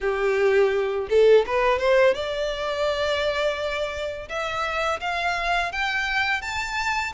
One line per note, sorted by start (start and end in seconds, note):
0.00 1.07 G4
1.09 1.45 A4
1.46 1.79 B4
1.79 2.14 C5
2.14 4.28 D5
4.28 5.00 E5
5.00 5.71 F5
5.72 6.41 G5
6.41 7.12 A5